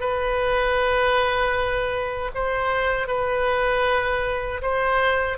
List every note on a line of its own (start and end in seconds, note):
0.00 2.31 B4
2.34 3.07 C5
3.07 4.61 B4
4.62 5.37 C5